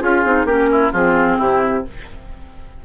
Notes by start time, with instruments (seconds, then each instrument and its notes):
0.00 bassoon C#4, clarinet F4, oboe F4, flute G#4
0.25 bassoon C4, clarinet D#4
0.45 bassoon A#3, clarinet C#4, oboe G4, flute A#4
0.72 oboe E4
0.92 bassoon F3, clarinet C4, oboe F4, flute G#4
1.38 bassoon C3, oboe E4, flute G4